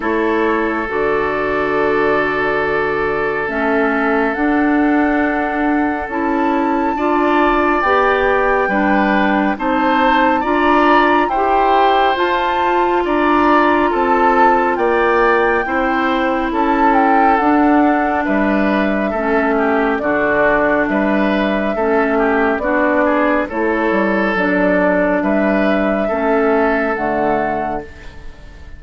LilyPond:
<<
  \new Staff \with { instrumentName = "flute" } { \time 4/4 \tempo 4 = 69 cis''4 d''2. | e''4 fis''2 a''4~ | a''4 g''2 a''4 | ais''4 g''4 a''4 ais''4 |
a''4 g''2 a''8 g''8 | fis''4 e''2 d''4 | e''2 d''4 cis''4 | d''4 e''2 fis''4 | }
  \new Staff \with { instrumentName = "oboe" } { \time 4/4 a'1~ | a'1 | d''2 b'4 c''4 | d''4 c''2 d''4 |
a'4 d''4 c''4 a'4~ | a'4 b'4 a'8 g'8 fis'4 | b'4 a'8 g'8 fis'8 gis'8 a'4~ | a'4 b'4 a'2 | }
  \new Staff \with { instrumentName = "clarinet" } { \time 4/4 e'4 fis'2. | cis'4 d'2 e'4 | f'4 g'4 d'4 dis'4 | f'4 g'4 f'2~ |
f'2 e'2 | d'2 cis'4 d'4~ | d'4 cis'4 d'4 e'4 | d'2 cis'4 a4 | }
  \new Staff \with { instrumentName = "bassoon" } { \time 4/4 a4 d2. | a4 d'2 cis'4 | d'4 b4 g4 c'4 | d'4 e'4 f'4 d'4 |
c'4 ais4 c'4 cis'4 | d'4 g4 a4 d4 | g4 a4 b4 a8 g8 | fis4 g4 a4 d4 | }
>>